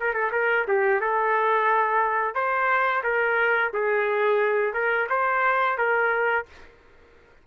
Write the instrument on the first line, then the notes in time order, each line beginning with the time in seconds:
trumpet
0.00 A#4
0.14 A4
0.32 A#4
0.68 G4
1.01 A4
2.35 C5
3.04 A#4
3.73 G#4
4.73 A#4
5.10 C5
5.78 A#4